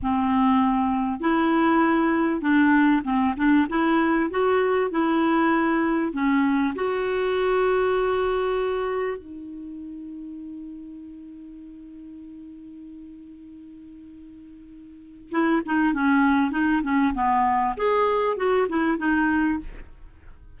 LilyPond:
\new Staff \with { instrumentName = "clarinet" } { \time 4/4 \tempo 4 = 98 c'2 e'2 | d'4 c'8 d'8 e'4 fis'4 | e'2 cis'4 fis'4~ | fis'2. dis'4~ |
dis'1~ | dis'1~ | dis'4 e'8 dis'8 cis'4 dis'8 cis'8 | b4 gis'4 fis'8 e'8 dis'4 | }